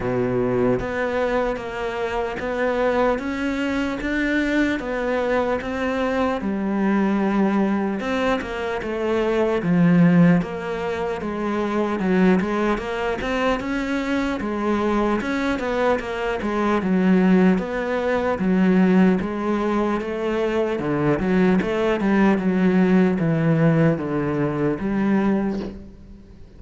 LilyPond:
\new Staff \with { instrumentName = "cello" } { \time 4/4 \tempo 4 = 75 b,4 b4 ais4 b4 | cis'4 d'4 b4 c'4 | g2 c'8 ais8 a4 | f4 ais4 gis4 fis8 gis8 |
ais8 c'8 cis'4 gis4 cis'8 b8 | ais8 gis8 fis4 b4 fis4 | gis4 a4 d8 fis8 a8 g8 | fis4 e4 d4 g4 | }